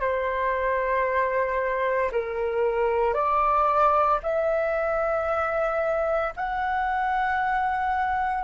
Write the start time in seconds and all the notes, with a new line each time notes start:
0.00 C5
2.12 A#4
3.14 D5
4.22 E5
6.36 F#5